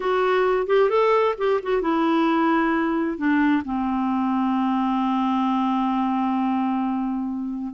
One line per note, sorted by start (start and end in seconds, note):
0.00 0.66 F#4
0.66 0.89 G4
0.89 1.35 A4
1.37 1.60 G4
1.63 1.81 F#4
1.81 3.17 E4
3.17 3.63 D4
3.64 7.73 C4